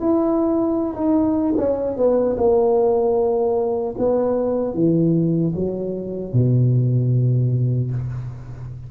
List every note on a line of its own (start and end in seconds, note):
0.00 0.95 E4
0.95 1.54 D#4
1.57 1.97 C#4
1.97 2.36 B3
2.37 3.95 A#3
3.98 4.74 B3
4.74 5.53 E3
5.55 6.33 F#3
6.33 7.91 B2